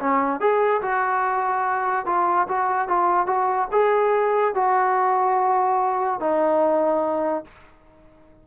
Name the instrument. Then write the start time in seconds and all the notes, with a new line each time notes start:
trombone
0.00 C#4
0.40 G#4
0.82 F#4
2.06 F4
2.48 F#4
2.88 F4
3.27 F#4
3.72 G#4
4.55 F#4
6.21 D#4